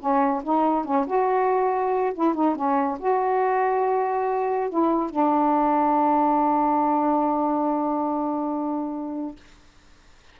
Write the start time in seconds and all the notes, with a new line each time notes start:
0.00 C#4
0.44 D#4
0.85 C#4
1.07 F#4
2.14 E4
2.35 D#4
2.56 C#4
2.99 F#4
4.70 E4
5.11 D4